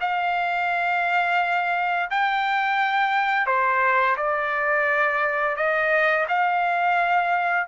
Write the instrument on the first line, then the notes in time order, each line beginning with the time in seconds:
trumpet
0.00 F5
2.10 G5
3.46 C5
4.16 D5
5.56 D#5
6.28 F5